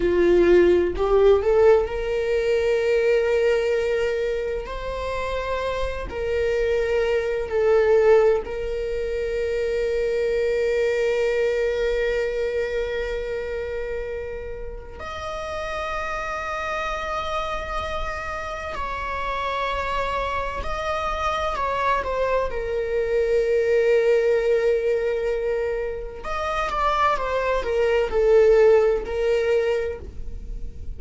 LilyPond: \new Staff \with { instrumentName = "viola" } { \time 4/4 \tempo 4 = 64 f'4 g'8 a'8 ais'2~ | ais'4 c''4. ais'4. | a'4 ais'2.~ | ais'1 |
dis''1 | cis''2 dis''4 cis''8 c''8 | ais'1 | dis''8 d''8 c''8 ais'8 a'4 ais'4 | }